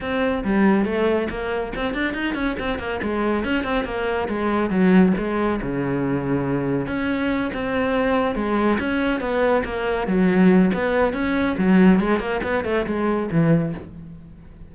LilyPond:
\new Staff \with { instrumentName = "cello" } { \time 4/4 \tempo 4 = 140 c'4 g4 a4 ais4 | c'8 d'8 dis'8 cis'8 c'8 ais8 gis4 | cis'8 c'8 ais4 gis4 fis4 | gis4 cis2. |
cis'4. c'2 gis8~ | gis8 cis'4 b4 ais4 fis8~ | fis4 b4 cis'4 fis4 | gis8 ais8 b8 a8 gis4 e4 | }